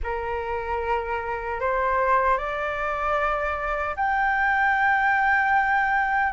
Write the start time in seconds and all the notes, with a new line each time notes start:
0.03 A#4
1.60 C5
2.37 D5
3.95 G5